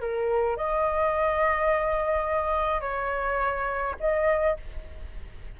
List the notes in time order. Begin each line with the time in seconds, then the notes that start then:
0.00 A#4
0.56 D#5
2.81 C#5
3.99 D#5